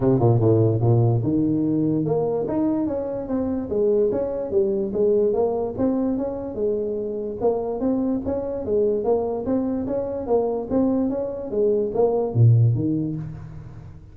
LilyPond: \new Staff \with { instrumentName = "tuba" } { \time 4/4 \tempo 4 = 146 c8 ais,8 a,4 ais,4 dis4~ | dis4 ais4 dis'4 cis'4 | c'4 gis4 cis'4 g4 | gis4 ais4 c'4 cis'4 |
gis2 ais4 c'4 | cis'4 gis4 ais4 c'4 | cis'4 ais4 c'4 cis'4 | gis4 ais4 ais,4 dis4 | }